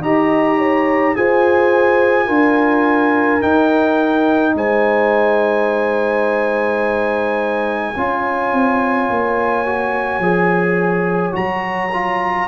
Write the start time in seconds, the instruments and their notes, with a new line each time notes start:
0.00 tuba D#4, trombone G4, horn D#5, trumpet A#5
0.57 horn C#5
1.15 tuba F4, trombone G#4, horn C5, trumpet G#5
2.26 tuba D4, trombone F4, horn A#4
3.41 trombone D#4, tuba D#4, trumpet G5
4.54 tuba G#3, horn C5, trumpet G#5
7.93 tuba C#4, trombone F4, horn C#5
8.52 tuba C4
9.09 tuba A#3
9.66 trombone F#4
10.19 tuba F3, trombone G#4
11.32 tuba F#3, trombone F#4, trumpet A#5
11.93 trombone F4